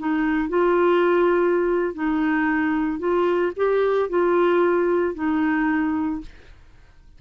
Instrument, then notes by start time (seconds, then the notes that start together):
clarinet
0.00 D#4
0.49 F4
1.95 D#4
3.00 F4
3.57 G4
4.10 F4
5.15 D#4